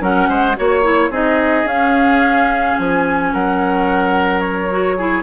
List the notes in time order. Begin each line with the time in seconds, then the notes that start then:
0.00 F#3 C#4 A#4 F#5
0.28 G#3 C5
0.56 A#3 F#4 C#5
0.83 E4
1.10 C4 D#4 G#4 D#5
1.64 C#4 F5
2.77 F3 G#5
3.33 F#3 A#4 F#5
4.40 C#5
4.70 F#4
4.97 E4 G#4